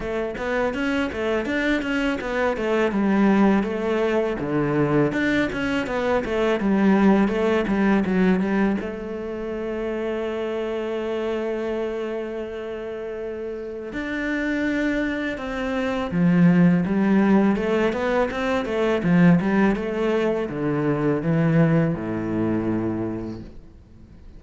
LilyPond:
\new Staff \with { instrumentName = "cello" } { \time 4/4 \tempo 4 = 82 a8 b8 cis'8 a8 d'8 cis'8 b8 a8 | g4 a4 d4 d'8 cis'8 | b8 a8 g4 a8 g8 fis8 g8 | a1~ |
a2. d'4~ | d'4 c'4 f4 g4 | a8 b8 c'8 a8 f8 g8 a4 | d4 e4 a,2 | }